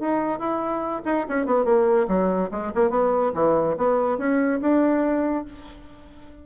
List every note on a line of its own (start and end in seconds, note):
0.00 0.39 D#4
0.39 1.02 E4
1.05 1.26 D#4
1.29 1.46 C#4
1.46 1.65 B3
1.65 2.07 A#3
2.08 2.50 F#3
2.51 2.72 G#3
2.75 2.90 A#3
2.90 3.32 B3
3.35 3.77 E3
3.77 4.18 B3
4.18 4.60 C#4
4.61 5.45 D4